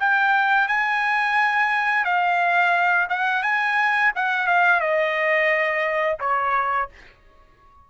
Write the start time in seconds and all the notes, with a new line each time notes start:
0.00 G5
0.68 G#5
2.05 F5
3.09 F#5
3.43 G#5
4.15 F#5
4.47 F5
4.81 D#5
6.20 C#5